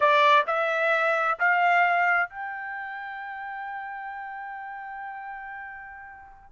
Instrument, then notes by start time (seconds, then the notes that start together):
trumpet
0.00 D5
0.47 E5
1.39 F5
2.29 G5